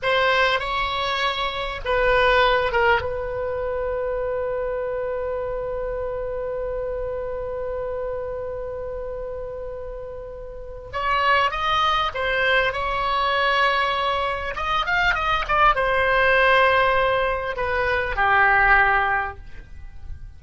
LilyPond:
\new Staff \with { instrumentName = "oboe" } { \time 4/4 \tempo 4 = 99 c''4 cis''2 b'4~ | b'8 ais'8 b'2.~ | b'1~ | b'1~ |
b'2 cis''4 dis''4 | c''4 cis''2. | dis''8 f''8 dis''8 d''8 c''2~ | c''4 b'4 g'2 | }